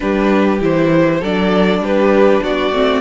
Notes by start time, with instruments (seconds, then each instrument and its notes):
0.00 cello G3, viola D4, violin G4 B4
0.60 cello E3, viola E4, violin C5
1.19 cello F#3, viola D4, violin A4 D5
1.79 cello G3, violin G4 B4
2.43 cello B3, violin F#4 D5
2.71 cello A3, viola C4